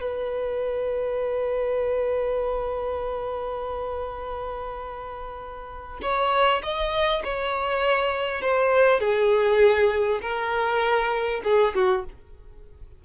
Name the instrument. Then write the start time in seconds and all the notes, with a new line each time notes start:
violin
0.00 B4
6.02 C#5
6.63 D#5
7.24 C#5
8.41 C5
9.00 G#4
10.21 A#4
11.44 G#4
11.75 F#4